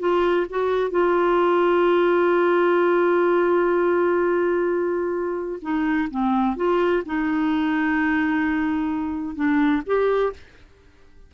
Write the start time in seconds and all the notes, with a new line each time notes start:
0.00 F4
0.50 F#4
0.91 F4
5.62 D#4
6.11 C4
6.57 F4
7.06 D#4
9.36 D4
9.87 G4